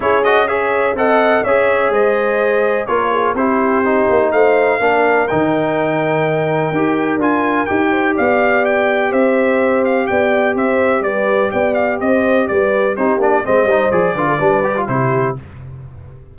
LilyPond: <<
  \new Staff \with { instrumentName = "trumpet" } { \time 4/4 \tempo 4 = 125 cis''8 dis''8 e''4 fis''4 e''4 | dis''2 cis''4 c''4~ | c''4 f''2 g''4~ | g''2. gis''4 |
g''4 f''4 g''4 e''4~ | e''8 f''8 g''4 e''4 d''4 | g''8 f''8 dis''4 d''4 c''8 d''8 | dis''4 d''2 c''4 | }
  \new Staff \with { instrumentName = "horn" } { \time 4/4 gis'4 cis''4 dis''4 cis''4 | c''2 ais'8 gis'8 g'4~ | g'4 c''4 ais'2~ | ais'1~ |
ais'8 c''8 d''2 c''4~ | c''4 d''4 c''4 b'4 | d''4 c''4 b'4 g'4 | c''4. b'16 a'16 b'4 g'4 | }
  \new Staff \with { instrumentName = "trombone" } { \time 4/4 e'8 fis'8 gis'4 a'4 gis'4~ | gis'2 f'4 e'4 | dis'2 d'4 dis'4~ | dis'2 g'4 f'4 |
g'1~ | g'1~ | g'2. dis'8 d'8 | c'8 dis'8 gis'8 f'8 d'8 g'16 f'16 e'4 | }
  \new Staff \with { instrumentName = "tuba" } { \time 4/4 cis'2 c'4 cis'4 | gis2 ais4 c'4~ | c'8 ais8 a4 ais4 dis4~ | dis2 dis'4 d'4 |
dis'4 b2 c'4~ | c'4 b4 c'4 g4 | b4 c'4 g4 c'8 ais8 | gis8 g8 f8 d8 g4 c4 | }
>>